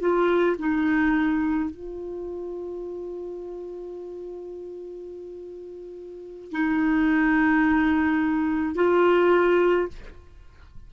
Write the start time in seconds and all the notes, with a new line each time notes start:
0.00 F4
0.59 D#4
1.71 F4
6.52 D#4
8.76 F4